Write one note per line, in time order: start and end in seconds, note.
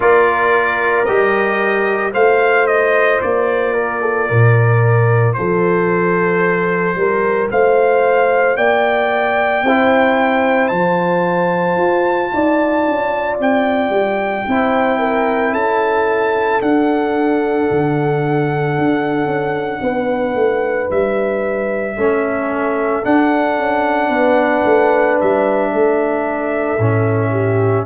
0.00 1.07 A#3
0.00 1.04 F4
0.00 2.12 A#4
0.00 1.04 D5
1.04 2.13 G3
1.04 2.13 G4
1.04 2.11 D#5
2.12 3.20 A3
2.12 9.63 F4
2.12 3.73 C5
2.12 2.67 F5
2.67 3.20 D#5
3.21 4.30 A#3
3.21 5.33 D5
3.73 4.00 A#4
4.01 4.28 A4
4.28 5.37 A#2
4.28 5.35 A#4
5.33 6.94 F3
5.33 6.98 A4
5.33 7.48 C5
6.94 7.48 G3
6.94 7.51 A#4
7.50 8.56 A3
7.50 8.57 C5
7.50 8.56 F5
8.56 9.62 A#3
8.56 9.64 D5
8.56 10.68 G5
9.62 10.69 C4
9.62 10.73 E4
9.62 12.32 C5
10.68 11.76 F3
10.68 14.48 F4
10.68 13.35 A5
11.76 12.29 F4
12.33 12.87 D#4
12.33 14.47 D5
12.87 13.39 C#4
13.39 13.89 C4
13.39 15.54 G5
13.89 14.43 G3
14.47 15.53 C4
14.47 16.62 E4
14.47 14.99 C5
14.99 15.52 A#4
15.52 16.60 C#4
15.52 19.81 A4
15.52 16.61 A5
16.61 17.69 D4
16.61 21.97 D4
16.61 20.90 F#5
17.71 18.78 D3
18.78 19.25 D4
19.25 19.78 C#4
19.81 20.34 B3
19.81 21.96 B4
20.35 20.88 A3
20.90 21.96 G3
20.90 23.04 E5
21.96 23.04 A3
21.96 23.03 C#4
21.96 24.10 A4
23.03 26.78 D4
23.03 23.58 D4
23.03 25.19 F#5
23.58 24.08 C#4
24.08 24.62 B3
24.08 25.70 B4
24.65 25.18 A3
25.20 25.73 G3
25.20 27.85 E5
25.73 26.78 A3
25.73 27.30 A4
26.78 27.85 A2
26.78 27.85 C#4
27.30 27.84 G4